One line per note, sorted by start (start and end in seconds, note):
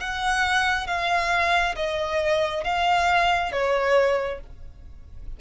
0.00 0.87 F#5
0.87 1.75 F5
1.76 2.64 D#5
2.64 3.52 F5
3.52 4.40 C#5